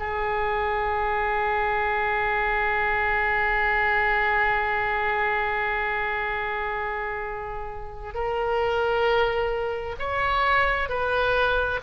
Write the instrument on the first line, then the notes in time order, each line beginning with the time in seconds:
oboe
0.00 G#4
8.14 A#4
9.99 C#5
10.89 B4